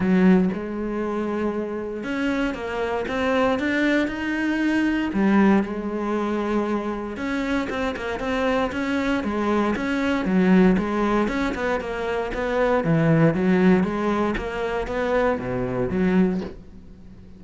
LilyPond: \new Staff \with { instrumentName = "cello" } { \time 4/4 \tempo 4 = 117 fis4 gis2. | cis'4 ais4 c'4 d'4 | dis'2 g4 gis4~ | gis2 cis'4 c'8 ais8 |
c'4 cis'4 gis4 cis'4 | fis4 gis4 cis'8 b8 ais4 | b4 e4 fis4 gis4 | ais4 b4 b,4 fis4 | }